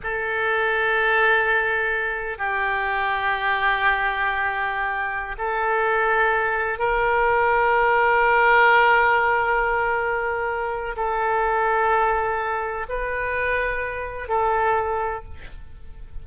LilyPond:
\new Staff \with { instrumentName = "oboe" } { \time 4/4 \tempo 4 = 126 a'1~ | a'4 g'2.~ | g'2.~ g'16 a'8.~ | a'2~ a'16 ais'4.~ ais'16~ |
ais'1~ | ais'2. a'4~ | a'2. b'4~ | b'2 a'2 | }